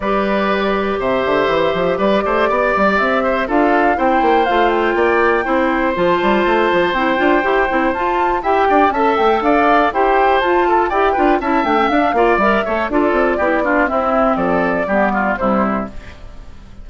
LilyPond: <<
  \new Staff \with { instrumentName = "flute" } { \time 4/4 \tempo 4 = 121 d''2 e''2 | d''2 e''4 f''4 | g''4 f''8 g''2~ g''8 | a''2 g''2 |
a''4 g''4 a''8 g''8 f''4 | g''4 a''4 g''4 a''8 g''8 | f''4 e''4 d''2 | e''4 d''2 c''4 | }
  \new Staff \with { instrumentName = "oboe" } { \time 4/4 b'2 c''2 | b'8 c''8 d''4. c''8 a'4 | c''2 d''4 c''4~ | c''1~ |
c''4 e''8 d''8 e''4 d''4 | c''4. a'8 d''8 b'8 e''4~ | e''8 d''4 cis''8 a'4 g'8 f'8 | e'4 a'4 g'8 f'8 e'4 | }
  \new Staff \with { instrumentName = "clarinet" } { \time 4/4 g'1~ | g'2. f'4 | e'4 f'2 e'4 | f'2 e'8 f'8 g'8 e'8 |
f'4 g'4 a'2 | g'4 f'4 g'8 f'8 e'8 d'16 cis'16 | d'8 f'8 ais'8 a'8 f'4 e'8 d'8 | c'2 b4 g4 | }
  \new Staff \with { instrumentName = "bassoon" } { \time 4/4 g2 c8 d8 e8 f8 | g8 a8 b8 g8 c'4 d'4 | c'8 ais8 a4 ais4 c'4 | f8 g8 a8 f8 c'8 d'8 e'8 c'8 |
f'4 e'8 d'8 cis'8 a8 d'4 | e'4 f'4 e'8 d'8 cis'8 a8 | d'8 ais8 g8 a8 d'8 c'8 b4 | c'4 f4 g4 c4 | }
>>